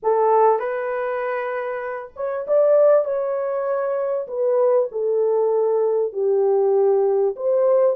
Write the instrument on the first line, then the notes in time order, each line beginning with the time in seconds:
horn
0.02 A4
0.59 B4
2.16 C#5
2.47 D5
3.04 C#5
4.27 B4
4.91 A4
6.13 G4
7.36 C5